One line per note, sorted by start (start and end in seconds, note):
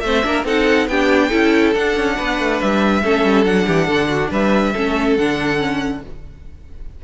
0.00 0.23 A3
0.00 0.23 C4
0.00 0.24 C5
0.00 0.43 E5
0.23 0.44 A#3
0.23 0.44 D4
0.23 0.45 A#4
0.44 0.87 C4
0.44 0.88 D#4
0.44 0.88 A4
0.44 0.88 F#5
0.87 1.30 B3
0.87 1.30 D4
0.87 1.28 G4
0.87 1.73 G5
1.28 1.75 C#4
1.28 1.73 E4
1.28 2.14 A4
1.73 3.02 D4
1.73 1.96 D4
1.73 2.60 F#5
1.96 2.18 C#4
2.16 2.39 B3
2.16 3.02 B4
2.39 2.60 A3
2.60 3.03 G3
2.60 3.44 E5
3.03 3.23 A3
3.03 3.44 C#4
3.03 3.66 A4
3.23 3.45 G3
3.44 3.66 F#3
3.44 4.73 D4
3.44 4.30 F#5
3.66 3.88 E3
3.66 3.86 G4
3.86 4.31 D3
3.86 4.08 A4
4.09 4.30 F#4
4.30 4.73 G3
4.30 4.72 B4
4.30 5.17 E5
4.72 5.18 A3
4.72 5.18 C#4
4.72 6.01 A4
5.17 6.03 D3
5.17 5.57 D4
5.17 6.02 F#5
5.57 6.00 C#4